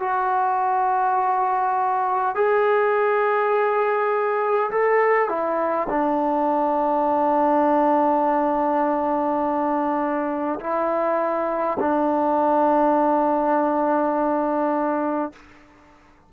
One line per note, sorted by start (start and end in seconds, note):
0.00 2.35 F#4
2.35 4.71 G#4
4.71 5.29 A4
5.29 5.88 E4
5.90 10.60 D4
10.60 11.78 E4
11.80 15.33 D4